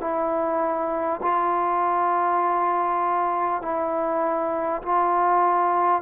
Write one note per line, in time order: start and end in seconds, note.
0.00 1.20 E4
1.22 3.62 F4
3.62 4.82 E4
4.82 6.01 F4